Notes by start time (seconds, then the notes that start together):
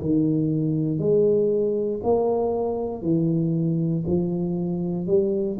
0.00 D#3
0.98 G#3
2.03 A#3
3.02 E3
4.06 F3
5.07 G3